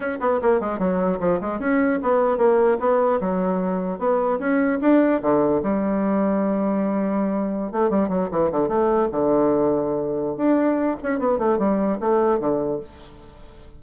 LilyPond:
\new Staff \with { instrumentName = "bassoon" } { \time 4/4 \tempo 4 = 150 cis'8 b8 ais8 gis8 fis4 f8 gis8 | cis'4 b4 ais4 b4 | fis2 b4 cis'4 | d'4 d4 g2~ |
g2.~ g16 a8 g16~ | g16 fis8 e8 d8 a4 d4~ d16~ | d2 d'4. cis'8 | b8 a8 g4 a4 d4 | }